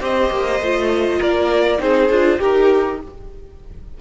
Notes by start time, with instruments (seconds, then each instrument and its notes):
0.00 cello C4, viola G4, violin C5 D#5
0.30 cello A#3
0.60 cello A3, viola F4
1.19 cello A#3, violin A#4 D5
1.79 cello C4, viola D#4, violin G#4 C5
2.10 cello D4, viola F4
2.38 cello D#4, violin G4 A#4, viola G4